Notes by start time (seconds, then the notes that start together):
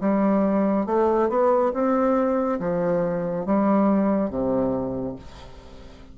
0.00 G3
0.86 A3
1.29 B3
1.73 C4
2.59 F3
3.46 G3
4.30 C3